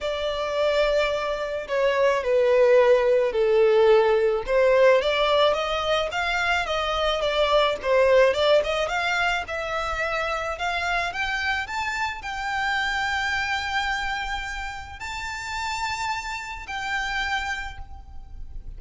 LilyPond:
\new Staff \with { instrumentName = "violin" } { \time 4/4 \tempo 4 = 108 d''2. cis''4 | b'2 a'2 | c''4 d''4 dis''4 f''4 | dis''4 d''4 c''4 d''8 dis''8 |
f''4 e''2 f''4 | g''4 a''4 g''2~ | g''2. a''4~ | a''2 g''2 | }